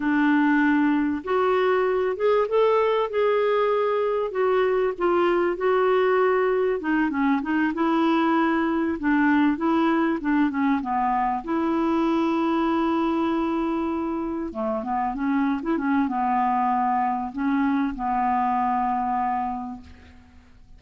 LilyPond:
\new Staff \with { instrumentName = "clarinet" } { \time 4/4 \tempo 4 = 97 d'2 fis'4. gis'8 | a'4 gis'2 fis'4 | f'4 fis'2 dis'8 cis'8 | dis'8 e'2 d'4 e'8~ |
e'8 d'8 cis'8 b4 e'4.~ | e'2.~ e'8 a8 | b8 cis'8. e'16 cis'8 b2 | cis'4 b2. | }